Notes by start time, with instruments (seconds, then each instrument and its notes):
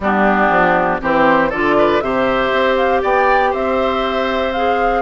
0.00 bassoon G3, clarinet B3, oboe D4, flute G4
0.49 bassoon F3
1.00 bassoon E3, clarinet C4, oboe G4, flute C5
1.49 bassoon D3, clarinet F4, oboe A4, flute D5
1.78 oboe B4
2.00 bassoon C3, clarinet G4, oboe C5, flute E5
2.51 bassoon C4
2.76 flute F5
3.02 bassoon B3, oboe D5, flute G5
3.50 bassoon C4, oboe C5, flute E5
4.52 clarinet G#4, flute F5